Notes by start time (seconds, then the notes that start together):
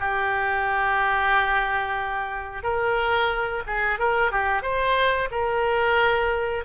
0.00 G4
2.63 A#4
3.67 G#4
3.99 A#4
4.32 G4
4.62 C5
5.31 A#4